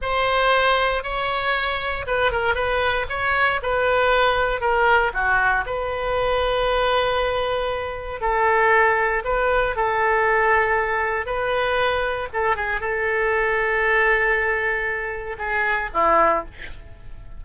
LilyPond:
\new Staff \with { instrumentName = "oboe" } { \time 4/4 \tempo 4 = 117 c''2 cis''2 | b'8 ais'8 b'4 cis''4 b'4~ | b'4 ais'4 fis'4 b'4~ | b'1 |
a'2 b'4 a'4~ | a'2 b'2 | a'8 gis'8 a'2.~ | a'2 gis'4 e'4 | }